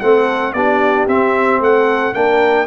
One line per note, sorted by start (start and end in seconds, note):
0.00 0.54 A3
0.00 0.55 C4
0.00 0.55 A4
0.00 0.53 F#5
0.53 1.07 B3
0.53 1.08 D4
0.53 1.62 G4
0.53 1.07 D5
1.07 1.60 C4
1.07 2.14 C4
1.07 1.62 E5
1.60 2.14 A3
1.60 2.16 A4
1.60 2.14 F#5
2.14 2.67 A#3
2.14 2.67 D4
2.14 2.67 A#4
2.14 2.67 G5